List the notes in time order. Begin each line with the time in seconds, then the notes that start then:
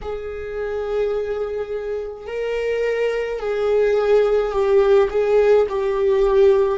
0.01 G#4
2.26 A#4
3.39 G#4
4.52 G4
5.09 G#4
5.69 G4